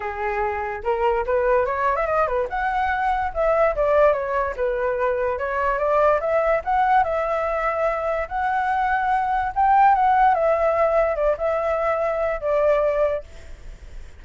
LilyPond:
\new Staff \with { instrumentName = "flute" } { \time 4/4 \tempo 4 = 145 gis'2 ais'4 b'4 | cis''8. e''16 dis''8 b'8 fis''2 | e''4 d''4 cis''4 b'4~ | b'4 cis''4 d''4 e''4 |
fis''4 e''2. | fis''2. g''4 | fis''4 e''2 d''8 e''8~ | e''2 d''2 | }